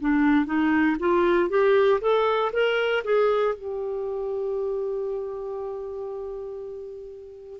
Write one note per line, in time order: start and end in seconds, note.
0.00 0.46 D4
0.46 0.97 D#4
0.99 1.49 F4
1.49 2.00 G4
2.01 2.51 A4
2.52 3.03 A#4
3.04 3.55 G#4
3.55 7.60 G4